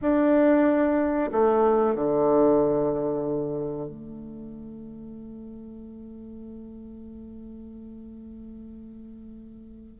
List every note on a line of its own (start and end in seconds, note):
0.01 1.30 D4
1.32 1.95 A3
1.95 3.88 D3
3.88 9.99 A3